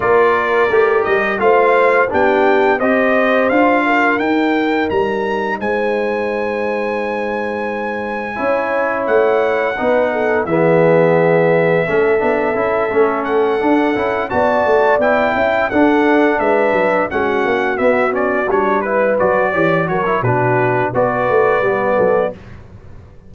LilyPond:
<<
  \new Staff \with { instrumentName = "trumpet" } { \time 4/4 \tempo 4 = 86 d''4. dis''8 f''4 g''4 | dis''4 f''4 g''4 ais''4 | gis''1~ | gis''4 fis''2 e''4~ |
e''2. fis''4~ | fis''8 a''4 g''4 fis''4 e''8~ | e''8 fis''4 e''8 d''8 cis''8 b'8 d''8~ | d''8 cis''8 b'4 d''2 | }
  \new Staff \with { instrumentName = "horn" } { \time 4/4 ais'2 c''4 g'4 | c''4. ais'2~ ais'8 | c''1 | cis''2 b'8 a'8 gis'4~ |
gis'4 a'2.~ | a'8 d''4. e''8 a'4 b'8~ | b'8 fis'2~ fis'8 b'4 | cis''8 ais'8 fis'4 b'4. a'8 | }
  \new Staff \with { instrumentName = "trombone" } { \time 4/4 f'4 g'4 f'4 d'4 | g'4 f'4 dis'2~ | dis'1 | e'2 dis'4 b4~ |
b4 cis'8 d'8 e'8 cis'4 d'8 | e'8 fis'4 e'4 d'4.~ | d'8 cis'4 b8 cis'8 d'8 e'8 fis'8 | g'8 fis'16 e'16 d'4 fis'4 b4 | }
  \new Staff \with { instrumentName = "tuba" } { \time 4/4 ais4 a8 g8 a4 b4 | c'4 d'4 dis'4 g4 | gis1 | cis'4 a4 b4 e4~ |
e4 a8 b8 cis'8 a4 d'8 | cis'8 b8 a8 b8 cis'8 d'4 gis8 | fis8 gis8 ais8 b4 g4 fis8 | e8 fis8 b,4 b8 a8 g8 fis8 | }
>>